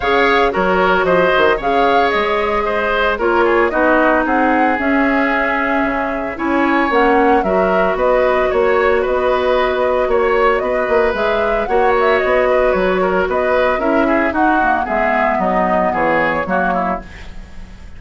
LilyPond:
<<
  \new Staff \with { instrumentName = "flute" } { \time 4/4 \tempo 4 = 113 f''4 cis''4 dis''4 f''4 | dis''2 cis''4 dis''4 | fis''4 e''2. | gis''4 fis''4 e''4 dis''4 |
cis''4 dis''2 cis''4 | dis''4 e''4 fis''8 e''8 dis''4 | cis''4 dis''4 e''4 fis''4 | e''4 dis''4 cis''2 | }
  \new Staff \with { instrumentName = "oboe" } { \time 4/4 cis''4 ais'4 c''4 cis''4~ | cis''4 c''4 ais'8 gis'8 fis'4 | gis'1 | cis''2 ais'4 b'4 |
cis''4 b'2 cis''4 | b'2 cis''4. b'8~ | b'8 ais'8 b'4 ais'8 gis'8 fis'4 | gis'4 dis'4 gis'4 fis'8 e'8 | }
  \new Staff \with { instrumentName = "clarinet" } { \time 4/4 gis'4 fis'2 gis'4~ | gis'2 f'4 dis'4~ | dis'4 cis'2. | e'4 cis'4 fis'2~ |
fis'1~ | fis'4 gis'4 fis'2~ | fis'2 e'4 dis'8 ais8 | b2. ais4 | }
  \new Staff \with { instrumentName = "bassoon" } { \time 4/4 cis4 fis4 f8 dis8 cis4 | gis2 ais4 b4 | c'4 cis'2 cis4 | cis'4 ais4 fis4 b4 |
ais4 b2 ais4 | b8 ais8 gis4 ais4 b4 | fis4 b4 cis'4 dis'4 | gis4 fis4 e4 fis4 | }
>>